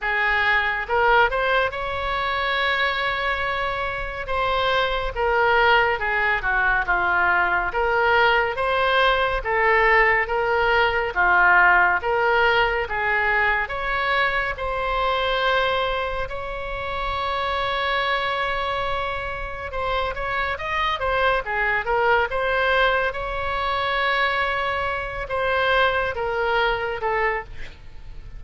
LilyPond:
\new Staff \with { instrumentName = "oboe" } { \time 4/4 \tempo 4 = 70 gis'4 ais'8 c''8 cis''2~ | cis''4 c''4 ais'4 gis'8 fis'8 | f'4 ais'4 c''4 a'4 | ais'4 f'4 ais'4 gis'4 |
cis''4 c''2 cis''4~ | cis''2. c''8 cis''8 | dis''8 c''8 gis'8 ais'8 c''4 cis''4~ | cis''4. c''4 ais'4 a'8 | }